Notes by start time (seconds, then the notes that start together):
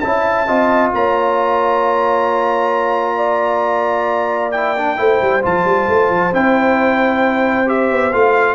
0.00 C#4 E4 E5 A5
0.48 C4 F4 D#5
0.94 A#3 C#5 A#5
3.17 D5
4.52 E4 G5
4.78 D4
4.97 A3 E4 C5
5.22 G3
5.43 F3 F4 A5
5.65 G3
5.88 A3
6.10 F3
6.34 C4 E4 G5
7.67 G4 E5
7.91 B3
8.13 A3 F4 F5